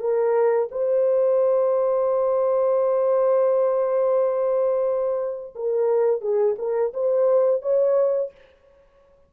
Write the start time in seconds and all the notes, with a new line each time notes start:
0.00 A#4
0.71 C5
5.55 A#4
6.21 G#4
6.59 A#4
6.94 C5
7.62 C#5